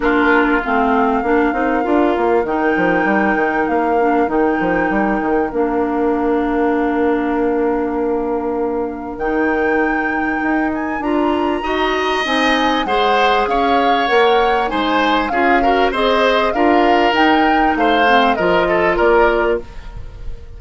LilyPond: <<
  \new Staff \with { instrumentName = "flute" } { \time 4/4 \tempo 4 = 98 ais'4 f''2. | g''2 f''4 g''4~ | g''4 f''2.~ | f''2. g''4~ |
g''4. gis''8 ais''2 | gis''4 fis''4 f''4 fis''4 | gis''4 f''4 dis''4 f''4 | g''4 f''4 dis''4 d''4 | }
  \new Staff \with { instrumentName = "oboe" } { \time 4/4 f'2 ais'2~ | ais'1~ | ais'1~ | ais'1~ |
ais'2. dis''4~ | dis''4 c''4 cis''2 | c''4 gis'8 ais'8 c''4 ais'4~ | ais'4 c''4 ais'8 a'8 ais'4 | }
  \new Staff \with { instrumentName = "clarinet" } { \time 4/4 d'4 c'4 d'8 dis'8 f'4 | dis'2~ dis'8 d'8 dis'4~ | dis'4 d'2.~ | d'2. dis'4~ |
dis'2 f'4 fis'4 | dis'4 gis'2 ais'4 | dis'4 f'8 fis'8 gis'4 f'4 | dis'4. c'8 f'2 | }
  \new Staff \with { instrumentName = "bassoon" } { \time 4/4 ais4 a4 ais8 c'8 d'8 ais8 | dis8 f8 g8 dis8 ais4 dis8 f8 | g8 dis8 ais2.~ | ais2. dis4~ |
dis4 dis'4 d'4 dis'4 | c'4 gis4 cis'4 ais4 | gis4 cis'4 c'4 d'4 | dis'4 a4 f4 ais4 | }
>>